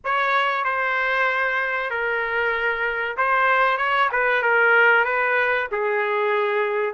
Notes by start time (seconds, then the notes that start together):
0.04 C#5
0.64 C5
1.90 A#4
3.17 C5
3.77 C#5
4.12 B4
4.42 A#4
5.04 B4
5.71 G#4